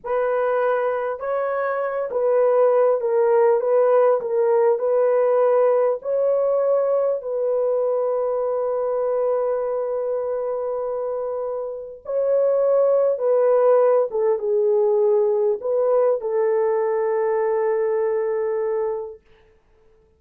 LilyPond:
\new Staff \with { instrumentName = "horn" } { \time 4/4 \tempo 4 = 100 b'2 cis''4. b'8~ | b'4 ais'4 b'4 ais'4 | b'2 cis''2 | b'1~ |
b'1 | cis''2 b'4. a'8 | gis'2 b'4 a'4~ | a'1 | }